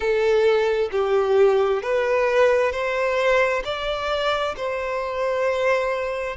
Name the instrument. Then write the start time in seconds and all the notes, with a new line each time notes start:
violin
0.00 A4
0.91 G4
1.82 B4
2.71 C5
3.64 D5
4.56 C5